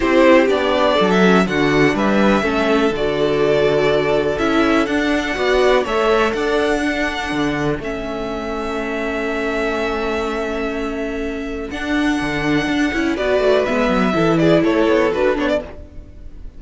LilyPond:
<<
  \new Staff \with { instrumentName = "violin" } { \time 4/4 \tempo 4 = 123 c''4 d''4~ d''16 e''8. fis''4 | e''2 d''2~ | d''4 e''4 fis''2 | e''4 fis''2. |
e''1~ | e''1 | fis''2. d''4 | e''4. d''8 cis''4 b'8 cis''16 d''16 | }
  \new Staff \with { instrumentName = "violin" } { \time 4/4 g'2 a'4 fis'4 | b'4 a'2.~ | a'2. d''4 | cis''4 d''4 a'2~ |
a'1~ | a'1~ | a'2. b'4~ | b'4 a'8 gis'8 a'2 | }
  \new Staff \with { instrumentName = "viola" } { \time 4/4 e'4 d'4. cis'8 d'4~ | d'4 cis'4 fis'2~ | fis'4 e'4 d'4 fis'4 | a'2 d'2 |
cis'1~ | cis'1 | d'2~ d'8 e'8 fis'4 | b4 e'2 fis'8 d'8 | }
  \new Staff \with { instrumentName = "cello" } { \time 4/4 c'4 b4 fis4 d4 | g4 a4 d2~ | d4 cis'4 d'4 b4 | a4 d'2 d4 |
a1~ | a1 | d'4 d4 d'8 cis'8 b8 a8 | gis8 fis8 e4 a8 b8 d'8 b8 | }
>>